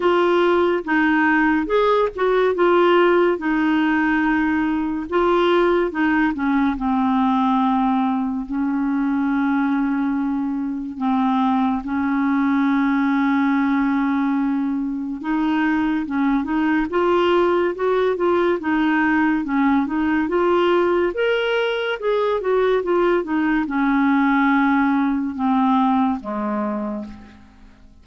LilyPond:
\new Staff \with { instrumentName = "clarinet" } { \time 4/4 \tempo 4 = 71 f'4 dis'4 gis'8 fis'8 f'4 | dis'2 f'4 dis'8 cis'8 | c'2 cis'2~ | cis'4 c'4 cis'2~ |
cis'2 dis'4 cis'8 dis'8 | f'4 fis'8 f'8 dis'4 cis'8 dis'8 | f'4 ais'4 gis'8 fis'8 f'8 dis'8 | cis'2 c'4 gis4 | }